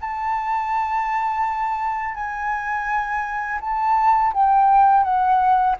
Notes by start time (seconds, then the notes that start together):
0.00 A5
2.15 G#5
3.60 A5
4.33 G5
5.03 F#5